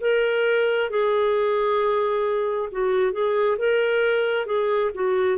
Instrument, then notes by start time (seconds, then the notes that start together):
clarinet
0.00 A#4
0.90 G#4
2.71 F#4
3.12 G#4
3.58 A#4
4.46 G#4
4.94 F#4